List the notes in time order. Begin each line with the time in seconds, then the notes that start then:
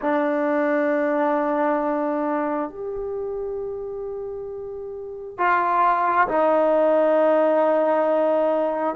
0.01 D4
2.69 G4
5.38 F4
6.27 D#4